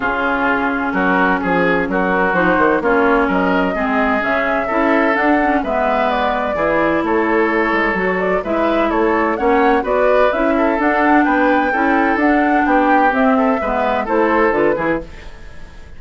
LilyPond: <<
  \new Staff \with { instrumentName = "flute" } { \time 4/4 \tempo 4 = 128 gis'2 ais'4 gis'4 | ais'4 c''4 cis''4 dis''4~ | dis''4 e''2 fis''4 | e''4 d''2 cis''4~ |
cis''4. d''8 e''4 cis''4 | fis''4 d''4 e''4 fis''4 | g''2 fis''4 g''4 | e''2 c''4 b'4 | }
  \new Staff \with { instrumentName = "oboe" } { \time 4/4 f'2 fis'4 gis'4 | fis'2 f'4 ais'4 | gis'2 a'2 | b'2 gis'4 a'4~ |
a'2 b'4 a'4 | cis''4 b'4. a'4. | b'4 a'2 g'4~ | g'8 a'8 b'4 a'4. gis'8 | }
  \new Staff \with { instrumentName = "clarinet" } { \time 4/4 cis'1~ | cis'4 dis'4 cis'2 | c'4 cis'4 e'4 d'8 cis'8 | b2 e'2~ |
e'4 fis'4 e'2 | cis'4 fis'4 e'4 d'4~ | d'4 e'4 d'2 | c'4 b4 e'4 f'8 e'8 | }
  \new Staff \with { instrumentName = "bassoon" } { \time 4/4 cis2 fis4 f4 | fis4 f8 dis8 ais4 fis4 | gis4 cis4 cis'4 d'4 | gis2 e4 a4~ |
a8 gis8 fis4 gis4 a4 | ais4 b4 cis'4 d'4 | b4 cis'4 d'4 b4 | c'4 gis4 a4 d8 e8 | }
>>